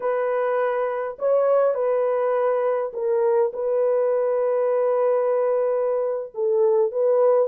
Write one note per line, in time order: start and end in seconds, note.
0.00 1.17 B4
1.18 1.74 C#5
1.74 2.92 B4
2.93 3.51 A#4
3.53 6.32 B4
6.34 6.91 A4
6.91 7.48 B4